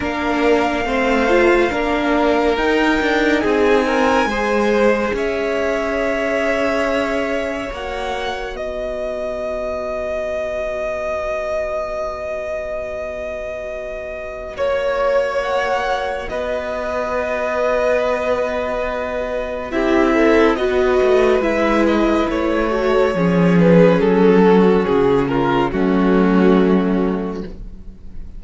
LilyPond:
<<
  \new Staff \with { instrumentName = "violin" } { \time 4/4 \tempo 4 = 70 f''2. g''4 | gis''2 e''2~ | e''4 fis''4 dis''2~ | dis''1~ |
dis''4 cis''4 fis''4 dis''4~ | dis''2. e''4 | dis''4 e''8 dis''8 cis''4. b'8 | a'4 gis'8 ais'8 fis'2 | }
  \new Staff \with { instrumentName = "violin" } { \time 4/4 ais'4 c''4 ais'2 | gis'8 ais'8 c''4 cis''2~ | cis''2 b'2~ | b'1~ |
b'4 cis''2 b'4~ | b'2. g'8 a'8 | b'2~ b'8 a'8 gis'4~ | gis'8 fis'4 f'8 cis'2 | }
  \new Staff \with { instrumentName = "viola" } { \time 4/4 d'4 c'8 f'8 d'4 dis'4~ | dis'4 gis'2.~ | gis'4 fis'2.~ | fis'1~ |
fis'1~ | fis'2. e'4 | fis'4 e'4. fis'8 cis'4~ | cis'2 a2 | }
  \new Staff \with { instrumentName = "cello" } { \time 4/4 ais4 a4 ais4 dis'8 d'8 | c'4 gis4 cis'2~ | cis'4 ais4 b2~ | b1~ |
b4 ais2 b4~ | b2. c'4 | b8 a8 gis4 a4 f4 | fis4 cis4 fis2 | }
>>